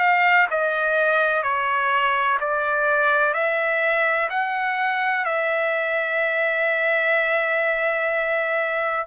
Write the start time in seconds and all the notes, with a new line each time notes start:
0.00 F5
0.51 D#5
1.44 C#5
2.41 D5
3.34 E5
4.30 F#5
5.26 E5